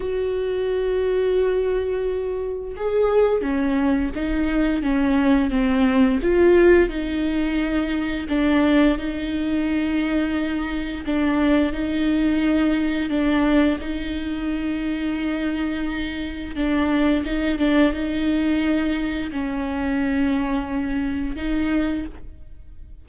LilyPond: \new Staff \with { instrumentName = "viola" } { \time 4/4 \tempo 4 = 87 fis'1 | gis'4 cis'4 dis'4 cis'4 | c'4 f'4 dis'2 | d'4 dis'2. |
d'4 dis'2 d'4 | dis'1 | d'4 dis'8 d'8 dis'2 | cis'2. dis'4 | }